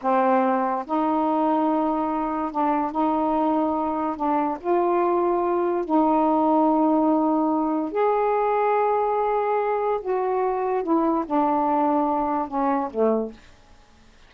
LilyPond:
\new Staff \with { instrumentName = "saxophone" } { \time 4/4 \tempo 4 = 144 c'2 dis'2~ | dis'2 d'4 dis'4~ | dis'2 d'4 f'4~ | f'2 dis'2~ |
dis'2. gis'4~ | gis'1 | fis'2 e'4 d'4~ | d'2 cis'4 a4 | }